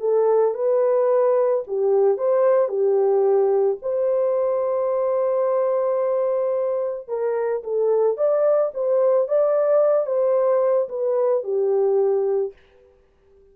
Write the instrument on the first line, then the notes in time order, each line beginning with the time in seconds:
horn
0.00 A4
0.55 B4
1.68 G4
2.18 C5
2.69 G4
3.82 C5
7.08 A#4
7.64 A4
8.17 D5
8.74 C5
9.28 D5
10.07 C5
10.89 B4
11.44 G4